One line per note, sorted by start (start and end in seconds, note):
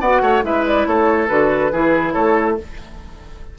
0.00 0.21 B3
0.00 0.43 F#4
0.00 0.22 D5
0.00 0.43 F#5
0.21 0.43 A3
0.21 0.44 C#5
0.43 0.86 G#3
0.43 1.28 E4
0.43 0.88 B4
0.43 0.66 E5
0.66 0.86 D5
0.86 1.29 A3
0.86 1.72 A4
0.86 1.28 C#5
1.28 1.72 D3
1.28 1.71 F#4
1.28 2.12 B4
1.72 2.15 E3
1.72 2.58 E4
1.72 2.13 G#4
2.12 2.58 A3
2.12 2.56 A4
2.12 2.55 C#5